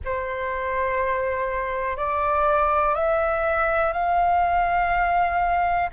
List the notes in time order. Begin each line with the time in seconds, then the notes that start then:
0.04 C5
1.96 D5
2.95 E5
3.93 F5